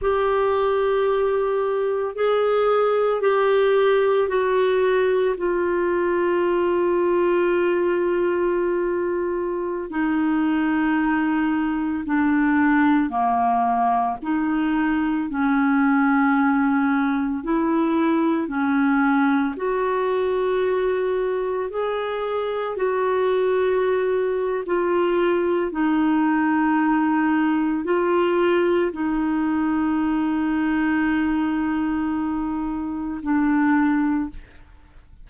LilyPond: \new Staff \with { instrumentName = "clarinet" } { \time 4/4 \tempo 4 = 56 g'2 gis'4 g'4 | fis'4 f'2.~ | f'4~ f'16 dis'2 d'8.~ | d'16 ais4 dis'4 cis'4.~ cis'16~ |
cis'16 e'4 cis'4 fis'4.~ fis'16~ | fis'16 gis'4 fis'4.~ fis'16 f'4 | dis'2 f'4 dis'4~ | dis'2. d'4 | }